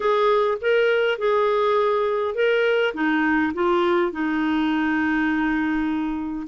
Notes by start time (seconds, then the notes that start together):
0.00 G#4
0.61 A#4
1.18 G#4
2.34 A#4
2.94 D#4
3.54 F4
4.12 D#4